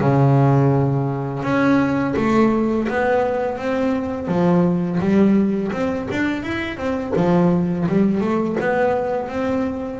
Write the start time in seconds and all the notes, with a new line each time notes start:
0.00 C#3
1.43 C#4
2.16 A3
2.88 B3
3.57 C4
4.27 F3
5.00 G3
5.72 C4
6.11 D4
6.43 E4
6.77 C4
7.16 F3
7.88 G3
8.20 A3
8.60 B3
9.28 C4